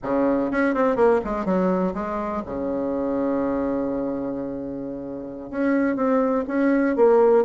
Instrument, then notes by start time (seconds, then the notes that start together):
bassoon
0.02 C#3
0.51 C#4
0.74 C4
0.96 A#3
1.24 G#3
1.45 F#3
1.94 G#3
2.45 C#3
5.50 C#4
5.96 C4
6.47 C#4
6.95 A#3